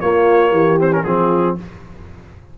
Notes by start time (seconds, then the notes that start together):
0.00 A#3 F4 C#5
0.51 E3 G4
0.78 C4 C5
0.91 C#4 A#4
1.03 F3 C4 F4 G#4